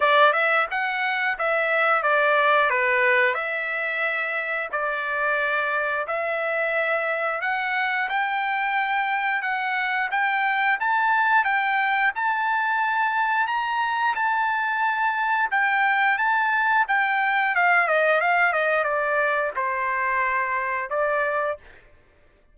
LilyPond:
\new Staff \with { instrumentName = "trumpet" } { \time 4/4 \tempo 4 = 89 d''8 e''8 fis''4 e''4 d''4 | b'4 e''2 d''4~ | d''4 e''2 fis''4 | g''2 fis''4 g''4 |
a''4 g''4 a''2 | ais''4 a''2 g''4 | a''4 g''4 f''8 dis''8 f''8 dis''8 | d''4 c''2 d''4 | }